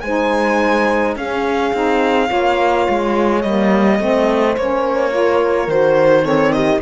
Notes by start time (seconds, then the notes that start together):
0.00 G#3 D#4 C5 G#5
1.15 C#4 G#4 F5
1.73 C4 D#4
2.27 A#3 F4 C#5
2.89 G#3
3.41 G3 A#3 D#5
3.99 A3 C4 C5
4.56 A#3 C#4 C#5
5.10 F4 A#4
5.67 D#3 F#4 C5
6.22 C4 A4 C#5
6.52 G4 D#5